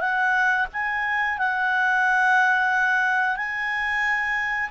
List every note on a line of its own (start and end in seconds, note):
0.00 0.67 F#5
0.73 1.38 G#5
1.38 3.36 F#5
3.36 4.70 G#5